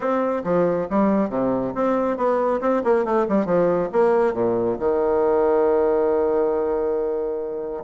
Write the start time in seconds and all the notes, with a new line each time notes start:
0.00 C4
0.43 F3
0.89 G3
1.29 C3
1.75 C4
2.17 B3
2.60 C4
2.84 A#3
3.04 A3
3.28 G3
3.45 F3
3.92 A#3
4.33 A#2
4.79 D#3